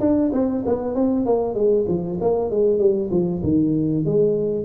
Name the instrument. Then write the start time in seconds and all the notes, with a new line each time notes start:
tuba
0.00 D4
0.33 C4
0.66 B3
0.95 C4
1.26 A#3
1.54 G#3
1.88 F3
2.21 A#3
2.51 G#3
2.79 G3
3.11 F3
3.43 D#3
4.05 G#3